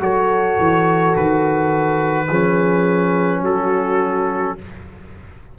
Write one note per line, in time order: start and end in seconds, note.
0.00 0.57 F#3
0.00 2.26 F#4
0.00 2.29 A4
0.00 1.15 C#5
0.59 1.16 E3
1.16 2.29 D#3
1.16 3.42 B4
2.29 3.41 F3
2.29 4.58 C#4
2.29 3.40 G#4
3.40 4.54 F#3
3.40 4.54 F#4
3.40 4.58 A4